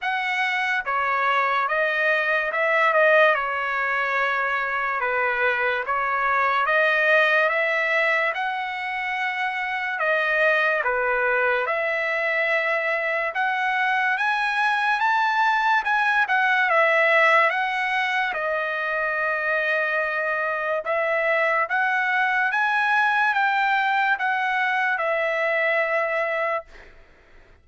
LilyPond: \new Staff \with { instrumentName = "trumpet" } { \time 4/4 \tempo 4 = 72 fis''4 cis''4 dis''4 e''8 dis''8 | cis''2 b'4 cis''4 | dis''4 e''4 fis''2 | dis''4 b'4 e''2 |
fis''4 gis''4 a''4 gis''8 fis''8 | e''4 fis''4 dis''2~ | dis''4 e''4 fis''4 gis''4 | g''4 fis''4 e''2 | }